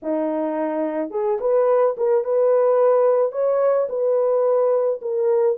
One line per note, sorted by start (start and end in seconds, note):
0.02 1.10 D#4
1.10 1.38 G#4
1.40 1.96 B4
1.97 2.24 A#4
2.24 3.32 B4
3.32 3.87 C#5
3.89 5.00 B4
5.02 5.57 A#4